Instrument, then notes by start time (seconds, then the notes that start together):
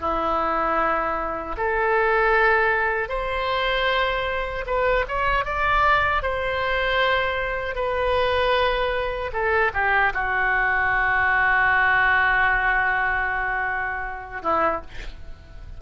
oboe
0.00 E4
1.57 A4
3.09 C5
4.66 B4
5.08 C#5
5.45 D5
6.22 C5
7.75 B4
9.33 A4
9.74 G4
10.13 F#4
14.42 E4